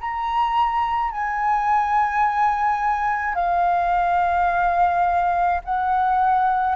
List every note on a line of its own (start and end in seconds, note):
0.00 1.11 A#5
1.11 3.34 G#5
3.34 5.61 F5
5.64 6.75 F#5